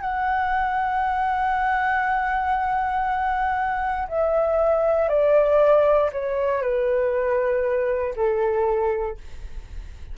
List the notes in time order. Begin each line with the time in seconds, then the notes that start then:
0.00 F#5
4.08 E5
5.08 D5
6.12 C#5
6.61 B4
8.15 A4